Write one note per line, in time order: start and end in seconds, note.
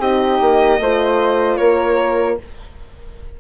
0.00 0.39 C4
0.00 0.80 D#4
0.00 0.80 G4
0.00 1.57 D#5
0.42 0.80 A#3
0.80 1.59 A3
0.80 2.40 F4
0.80 1.59 C5
1.57 2.39 A#3
1.57 2.38 A#4
1.57 2.36 C#5